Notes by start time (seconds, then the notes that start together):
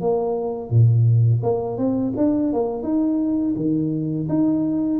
0.00 A#3
0.70 A#2
1.43 A#3
1.77 C4
2.17 D4
2.53 A#3
2.83 D#4
3.56 D#3
4.29 D#4